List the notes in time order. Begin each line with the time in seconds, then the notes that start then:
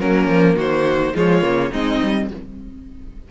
0.00 F#3 A#3 C#4 A#4
0.28 F3
0.56 D#3 F#4 C5
1.14 F3 G#3 F4 C#5
1.42 C#3 A#3
1.71 G#3 C4 D#4 D#5
2.02 G3